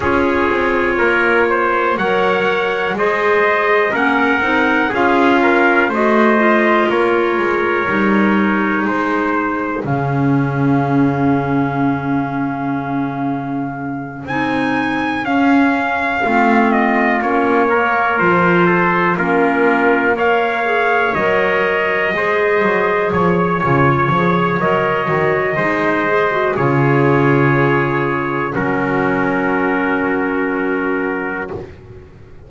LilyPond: <<
  \new Staff \with { instrumentName = "trumpet" } { \time 4/4 \tempo 4 = 61 cis''2 fis''4 dis''4 | fis''4 f''4 dis''4 cis''4~ | cis''4 c''4 f''2~ | f''2~ f''8 gis''4 f''8~ |
f''4 dis''8 cis''4 c''4 ais'8~ | ais'8 f''4 dis''2 cis''8~ | cis''4 dis''2 cis''4~ | cis''4 ais'2. | }
  \new Staff \with { instrumentName = "trumpet" } { \time 4/4 gis'4 ais'8 c''8 cis''4 c''4 | ais'4 gis'8 ais'8 c''4 ais'4~ | ais'4 gis'2.~ | gis'1~ |
gis'8 f'4. ais'4 a'8 f'8~ | f'8 cis''2 c''4 cis''8~ | cis''2 c''4 gis'4~ | gis'4 fis'2. | }
  \new Staff \with { instrumentName = "clarinet" } { \time 4/4 f'2 ais'4 gis'4 | cis'8 dis'8 f'4 fis'8 f'4. | dis'2 cis'2~ | cis'2~ cis'8 dis'4 cis'8~ |
cis'8 c'4 cis'8 ais8 f'4 cis'8~ | cis'8 ais'8 gis'8 ais'4 gis'4. | f'8 gis'8 ais'8 fis'8 dis'8 gis'16 fis'16 f'4~ | f'4 cis'2. | }
  \new Staff \with { instrumentName = "double bass" } { \time 4/4 cis'8 c'8 ais4 fis4 gis4 | ais8 c'8 cis'4 a4 ais8 gis8 | g4 gis4 cis2~ | cis2~ cis8 c'4 cis'8~ |
cis'8 a4 ais4 f4 ais8~ | ais4. fis4 gis8 fis8 f8 | cis8 f8 fis8 dis8 gis4 cis4~ | cis4 fis2. | }
>>